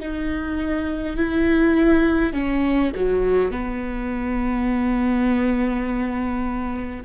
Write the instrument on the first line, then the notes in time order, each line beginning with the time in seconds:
viola
0.00 D#4
1.17 E4
2.34 C#4
2.95 F#3
3.51 B3